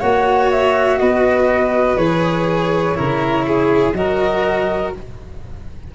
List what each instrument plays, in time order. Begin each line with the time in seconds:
0.00 tuba A#3, cello F#4, violin C#5, flute F#5
0.51 flute E5
0.98 tuba B3, violin B4, flute D#5
1.97 tuba E3, cello G#4, flute C#5
2.95 tuba C#3, cello E4, violin A#4
3.47 violin G#4
3.93 tuba F#3, cello F#4, violin A#4, flute D#5